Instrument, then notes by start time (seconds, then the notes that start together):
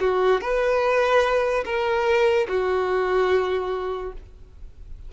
violin
0.00 F#4
0.41 B4
1.65 A#4
2.48 F#4